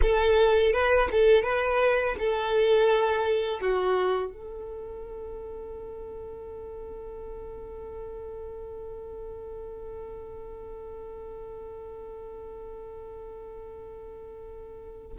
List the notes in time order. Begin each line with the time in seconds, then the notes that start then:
0.02 A4
0.72 B4
1.11 A4
1.43 B4
2.18 A4
3.60 F#4
4.32 A4